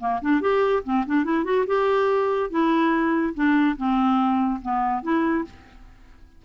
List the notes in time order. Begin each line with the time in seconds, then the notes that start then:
0.00 A#3
0.22 D4
0.41 G4
0.84 C4
1.06 D4
1.25 E4
1.45 F#4
1.67 G4
2.50 E4
3.34 D4
3.77 C4
4.62 B3
5.03 E4